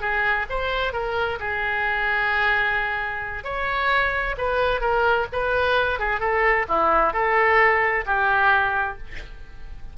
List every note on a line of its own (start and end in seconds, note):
0.00 0.46 G#4
0.49 0.93 C5
0.93 1.38 A#4
1.39 3.44 G#4
3.44 4.35 C#5
4.37 4.80 B4
4.80 5.26 A#4
5.32 5.99 B4
5.99 6.20 G#4
6.20 6.65 A4
6.68 7.13 E4
7.13 8.04 A4
8.05 8.97 G4